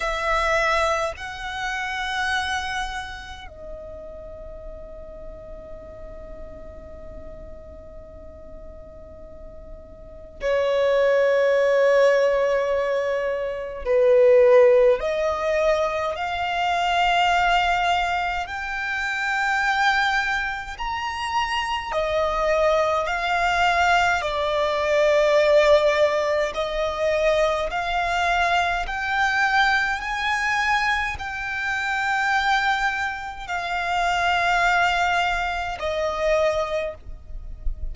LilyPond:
\new Staff \with { instrumentName = "violin" } { \time 4/4 \tempo 4 = 52 e''4 fis''2 dis''4~ | dis''1~ | dis''4 cis''2. | b'4 dis''4 f''2 |
g''2 ais''4 dis''4 | f''4 d''2 dis''4 | f''4 g''4 gis''4 g''4~ | g''4 f''2 dis''4 | }